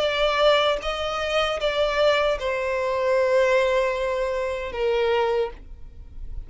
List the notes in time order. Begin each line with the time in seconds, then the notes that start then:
0.00 D5
0.83 D#5
1.60 D5
2.40 C5
4.73 A#4